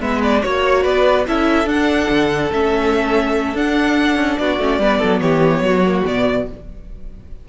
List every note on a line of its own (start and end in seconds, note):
0.00 0.43 G#3
0.00 0.42 B3
0.00 0.42 B4
0.00 0.21 E5
0.23 0.43 D5
0.42 0.85 A#3
0.42 1.26 F#4
0.42 0.83 C#5
0.83 1.26 B3
0.83 1.24 B4
0.83 1.25 D5
1.27 1.65 C#4
1.27 1.66 E4
1.27 4.40 A4
1.27 1.68 E5
1.65 2.07 D4
1.65 2.49 D4
1.65 2.52 F#5
2.10 2.51 D3
2.52 3.53 A3
2.52 3.56 C#4
2.52 3.57 E5
3.53 4.16 D4
3.53 4.60 D4
3.53 4.38 F#5
4.16 4.36 C#4
4.38 4.59 B3
4.38 4.81 F#4
4.38 5.20 D5
4.59 4.79 A3
4.59 4.81 C#4
4.79 4.99 G3
4.79 5.85 B3
4.79 4.99 B4
4.99 5.21 F#3
4.99 5.20 A4
5.20 5.61 E3
5.20 5.64 G4
5.20 6.03 C#5
5.61 6.02 F#3
5.61 6.48 F#4
5.85 6.05 A#3
6.05 6.49 B2
6.05 6.46 B3
6.05 6.48 D5